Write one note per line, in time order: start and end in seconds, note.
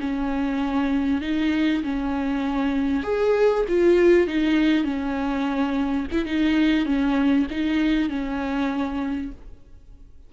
0.00 1.22 C#4
1.22 1.83 D#4
1.83 3.04 C#4
3.04 3.65 G#4
3.68 4.27 F4
4.27 4.84 D#4
4.84 6.07 C#4
6.12 6.26 E4
6.26 6.86 D#4
6.86 7.47 C#4
7.51 8.09 D#4
8.09 9.32 C#4